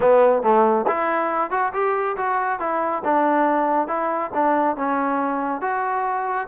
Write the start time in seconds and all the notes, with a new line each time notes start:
0.00 B3
0.42 A3
0.87 E4
1.50 F#4
1.73 G4
2.16 F#4
2.59 E4
3.04 D4
3.87 E4
4.34 D4
4.76 C#4
5.61 F#4